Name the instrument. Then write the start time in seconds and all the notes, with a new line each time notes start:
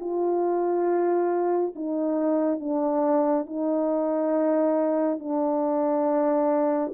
horn
0.00 F4
1.75 D#4
2.60 D4
3.46 D#4
5.19 D4